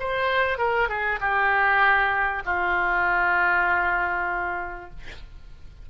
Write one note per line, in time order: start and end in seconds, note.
0.00 0.59 C5
0.59 0.89 A#4
0.89 1.20 G#4
1.21 2.43 G4
2.46 4.91 F4